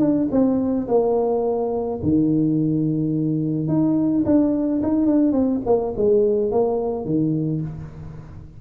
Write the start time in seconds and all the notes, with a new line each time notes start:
0.00 D4
0.31 C4
0.88 A#3
2.03 D#3
3.68 D#4
4.25 D4
4.82 D#4
5.06 D4
5.32 C4
5.66 A#3
5.96 G#3
6.51 A#3
7.05 D#3